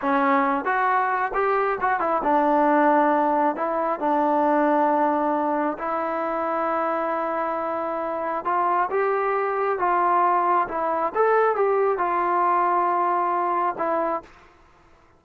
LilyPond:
\new Staff \with { instrumentName = "trombone" } { \time 4/4 \tempo 4 = 135 cis'4. fis'4. g'4 | fis'8 e'8 d'2. | e'4 d'2.~ | d'4 e'2.~ |
e'2. f'4 | g'2 f'2 | e'4 a'4 g'4 f'4~ | f'2. e'4 | }